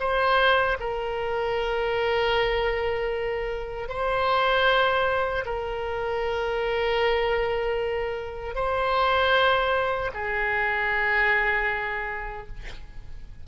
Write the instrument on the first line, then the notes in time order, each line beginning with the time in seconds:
oboe
0.00 C5
0.80 A#4
3.89 C5
5.46 A#4
8.56 C5
10.14 G#4